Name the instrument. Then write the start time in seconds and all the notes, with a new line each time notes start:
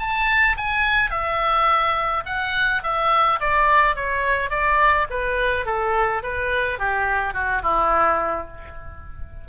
oboe
0.00 A5
0.57 G#5
1.11 E5
2.26 F#5
2.84 E5
3.40 D5
3.96 C#5
4.51 D5
5.10 B4
5.66 A4
6.23 B4
6.79 G4
7.34 F#4
7.63 E4